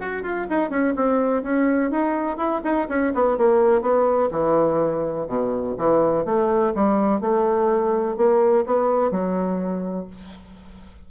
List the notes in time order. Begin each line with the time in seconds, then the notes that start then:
0.00 F#4
0.23 F4
0.50 D#4
0.70 C#4
0.96 C4
1.44 C#4
1.91 D#4
2.37 E4
2.64 D#4
2.89 C#4
3.15 B3
3.38 A#3
3.82 B3
4.32 E3
5.28 B2
5.78 E3
6.26 A3
6.75 G3
7.21 A3
8.17 A#3
8.66 B3
9.12 F#3